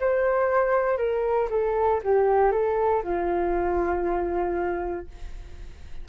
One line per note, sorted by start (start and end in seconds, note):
0.00 0.98 C5
0.98 1.48 A#4
1.50 2.01 A4
2.03 2.52 G4
2.52 3.03 A4
3.03 5.07 F4